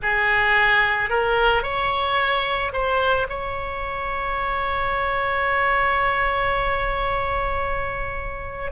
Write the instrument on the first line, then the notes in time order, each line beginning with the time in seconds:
oboe
0.02 G#4
1.09 A#4
1.63 C#5
2.72 C5
3.29 C#5